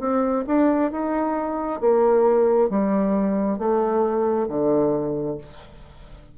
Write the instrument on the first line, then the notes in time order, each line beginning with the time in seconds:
bassoon
0.00 C4
0.47 D4
0.92 D#4
1.81 A#3
2.70 G3
3.59 A3
4.49 D3